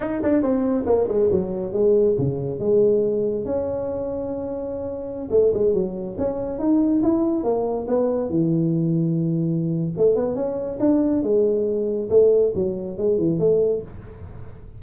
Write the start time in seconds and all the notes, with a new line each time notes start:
0.00 D#4
0.22 D4
0.42 C4
0.86 A#3
1.08 G#3
1.31 F#3
1.73 G#3
2.18 C#3
2.59 G#3
3.45 C#4
5.30 A3
5.53 G#3
5.73 F#3
6.18 C#4
6.58 D#4
7.02 E4
7.43 A#3
7.87 B3
8.29 E3
9.97 A3
10.15 B3
10.35 C#4
10.79 D4
11.22 G#3
12.09 A3
12.54 F#3
12.97 G#3
13.18 E3
13.39 A3